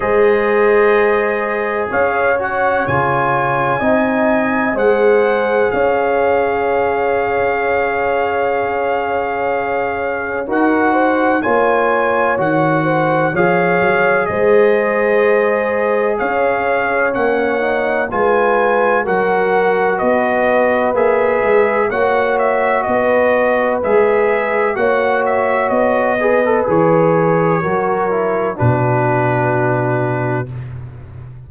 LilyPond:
<<
  \new Staff \with { instrumentName = "trumpet" } { \time 4/4 \tempo 4 = 63 dis''2 f''8 fis''8 gis''4~ | gis''4 fis''4 f''2~ | f''2. fis''4 | gis''4 fis''4 f''4 dis''4~ |
dis''4 f''4 fis''4 gis''4 | fis''4 dis''4 e''4 fis''8 e''8 | dis''4 e''4 fis''8 e''8 dis''4 | cis''2 b'2 | }
  \new Staff \with { instrumentName = "horn" } { \time 4/4 c''2 cis''2 | dis''4 c''4 cis''2~ | cis''2. ais'8 c''8 | cis''4. c''8 cis''4 c''4~ |
c''4 cis''2 b'4 | ais'4 b'2 cis''4 | b'2 cis''4. b'8~ | b'4 ais'4 fis'2 | }
  \new Staff \with { instrumentName = "trombone" } { \time 4/4 gis'2~ gis'8 fis'8 f'4 | dis'4 gis'2.~ | gis'2. fis'4 | f'4 fis'4 gis'2~ |
gis'2 cis'8 dis'8 f'4 | fis'2 gis'4 fis'4~ | fis'4 gis'4 fis'4. gis'16 a'16 | gis'4 fis'8 e'8 d'2 | }
  \new Staff \with { instrumentName = "tuba" } { \time 4/4 gis2 cis'4 cis4 | c'4 gis4 cis'2~ | cis'2. dis'4 | ais4 dis4 f8 fis8 gis4~ |
gis4 cis'4 ais4 gis4 | fis4 b4 ais8 gis8 ais4 | b4 gis4 ais4 b4 | e4 fis4 b,2 | }
>>